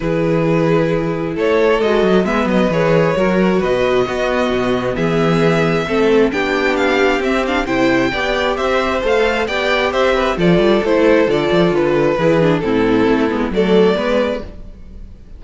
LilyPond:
<<
  \new Staff \with { instrumentName = "violin" } { \time 4/4 \tempo 4 = 133 b'2. cis''4 | dis''4 e''8 dis''8 cis''2 | dis''2. e''4~ | e''2 g''4 f''4 |
e''8 f''8 g''2 e''4 | f''4 g''4 e''4 d''4 | c''4 d''4 b'2 | a'2 d''2 | }
  \new Staff \with { instrumentName = "violin" } { \time 4/4 gis'2. a'4~ | a'4 b'2 ais'4 | b'4 fis'2 gis'4~ | gis'4 a'4 g'2~ |
g'4 c''4 d''4 c''4~ | c''4 d''4 c''8 b'8 a'4~ | a'2. gis'4 | e'2 a'4 b'4 | }
  \new Staff \with { instrumentName = "viola" } { \time 4/4 e'1 | fis'4 b4 gis'4 fis'4~ | fis'4 b2.~ | b4 c'4 d'2 |
c'8 d'8 e'4 g'2 | a'4 g'2 f'4 | e'4 f'2 e'8 d'8 | c'4. b8 a4 b4 | }
  \new Staff \with { instrumentName = "cello" } { \time 4/4 e2. a4 | gis8 fis8 gis8 fis8 e4 fis4 | b,4 b4 b,4 e4~ | e4 a4 b2 |
c'4 c4 b4 c'4 | a4 b4 c'4 f8 g8 | a4 d8 f8 d4 e4 | a,4 a8 gis8 fis4 gis4 | }
>>